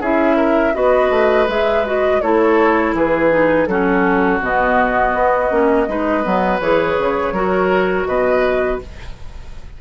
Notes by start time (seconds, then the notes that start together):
0.00 C#4 E4 G#4 E5
0.37 A#4
0.74 B3 F#4 B4 D#5
1.10 A3
1.48 G#3 G#4 E5
1.86 F#4 D#5
2.21 A3 E4 A4 C#5
2.94 E3 G#4 B4
3.30 D#4
3.67 F#3 C#4 F#4 A4
4.41 B2 B3 D#5
5.14 B3
5.51 A#3 C#4
5.88 G#3 D#4 B4
6.23 F#3 B3
6.59 E3 G#4 C#5
6.98 C#3
7.32 F#3 F#4 A#4
8.06 B2 B4 D#5